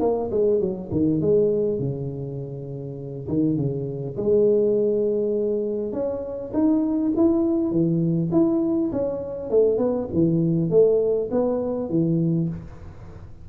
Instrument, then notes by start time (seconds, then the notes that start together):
tuba
0.00 A#3
0.31 G#3
0.60 F#3
0.91 D#3
1.21 G#3
1.79 C#3
3.28 D#3
3.57 C#3
4.17 G#3
5.92 C#4
6.53 D#4
7.16 E4
7.71 E3
8.32 E4
8.92 C#4
9.50 A3
9.78 B3
10.13 E3
10.70 A3
11.31 B3
11.89 E3